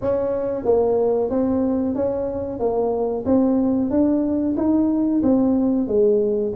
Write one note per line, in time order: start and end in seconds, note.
0.01 0.64 C#4
0.64 1.30 A#3
1.30 1.95 C4
1.95 2.59 C#4
2.59 3.24 A#3
3.25 3.90 C4
3.90 4.55 D4
4.56 5.21 D#4
5.22 5.87 C4
5.87 6.52 G#3